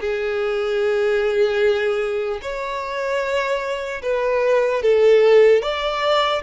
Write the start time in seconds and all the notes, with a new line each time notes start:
0.00 G#4
2.42 C#5
4.02 B4
4.82 A4
5.62 D5